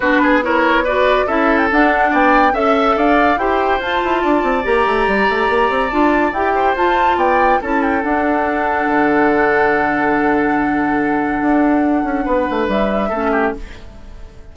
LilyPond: <<
  \new Staff \with { instrumentName = "flute" } { \time 4/4 \tempo 4 = 142 b'4 cis''4 d''4 e''8. g''16 | fis''4 g''4 e''4 f''4 | g''4 a''2 ais''4~ | ais''2 a''4 g''4 |
a''4 g''4 a''8 g''8 fis''4~ | fis''1~ | fis''1~ | fis''2 e''2 | }
  \new Staff \with { instrumentName = "oboe" } { \time 4/4 fis'8 gis'8 ais'4 b'4 a'4~ | a'4 d''4 e''4 d''4 | c''2 d''2~ | d''2.~ d''8 c''8~ |
c''4 d''4 a'2~ | a'1~ | a'1~ | a'4 b'2 a'8 g'8 | }
  \new Staff \with { instrumentName = "clarinet" } { \time 4/4 d'4 e'4 fis'4 e'4 | d'2 a'2 | g'4 f'2 g'4~ | g'2 f'4 g'4 |
f'2 e'4 d'4~ | d'1~ | d'1~ | d'2. cis'4 | }
  \new Staff \with { instrumentName = "bassoon" } { \time 4/4 b2. cis'4 | d'4 b4 cis'4 d'4 | e'4 f'8 e'8 d'8 c'8 ais8 a8 | g8 a8 ais8 c'8 d'4 e'4 |
f'4 b4 cis'4 d'4~ | d'4 d2.~ | d2. d'4~ | d'8 cis'8 b8 a8 g4 a4 | }
>>